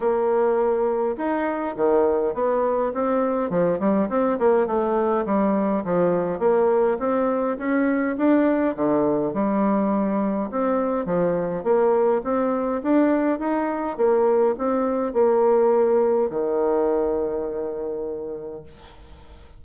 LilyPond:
\new Staff \with { instrumentName = "bassoon" } { \time 4/4 \tempo 4 = 103 ais2 dis'4 dis4 | b4 c'4 f8 g8 c'8 ais8 | a4 g4 f4 ais4 | c'4 cis'4 d'4 d4 |
g2 c'4 f4 | ais4 c'4 d'4 dis'4 | ais4 c'4 ais2 | dis1 | }